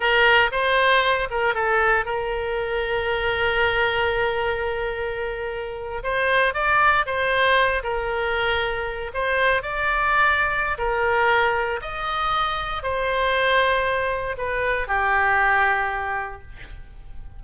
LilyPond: \new Staff \with { instrumentName = "oboe" } { \time 4/4 \tempo 4 = 117 ais'4 c''4. ais'8 a'4 | ais'1~ | ais'2.~ ais'8. c''16~ | c''8. d''4 c''4. ais'8.~ |
ais'4.~ ais'16 c''4 d''4~ d''16~ | d''4 ais'2 dis''4~ | dis''4 c''2. | b'4 g'2. | }